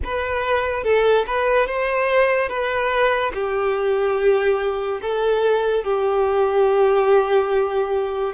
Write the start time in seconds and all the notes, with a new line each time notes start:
0.03 B4
0.83 A4
1.27 B4
1.67 C5
2.48 B4
3.34 G4
5.02 A4
5.83 G4